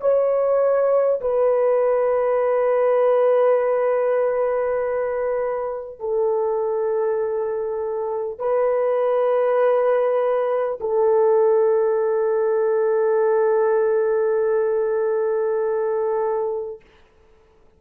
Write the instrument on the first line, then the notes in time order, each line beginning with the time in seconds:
horn
0.00 C#5
1.20 B4
5.99 A4
8.38 B4
10.80 A4